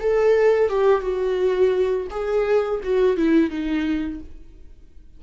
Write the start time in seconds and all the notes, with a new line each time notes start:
0.00 A4
0.70 G4
1.02 F#4
2.11 G#4
2.84 F#4
3.17 E4
3.50 D#4